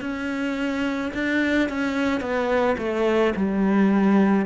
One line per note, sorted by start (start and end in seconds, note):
0.00 1.11 C#4
1.14 1.69 D4
1.69 2.20 C#4
2.20 2.76 B3
2.78 3.33 A3
3.36 4.45 G3